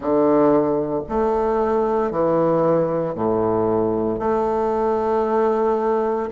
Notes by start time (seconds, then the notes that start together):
0.00 D3
1.08 A3
2.11 E3
3.14 A2
4.19 A3